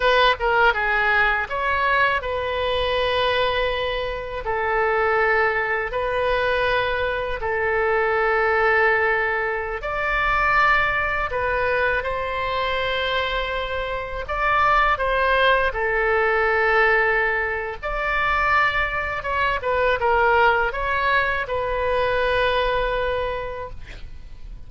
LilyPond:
\new Staff \with { instrumentName = "oboe" } { \time 4/4 \tempo 4 = 81 b'8 ais'8 gis'4 cis''4 b'4~ | b'2 a'2 | b'2 a'2~ | a'4~ a'16 d''2 b'8.~ |
b'16 c''2. d''8.~ | d''16 c''4 a'2~ a'8. | d''2 cis''8 b'8 ais'4 | cis''4 b'2. | }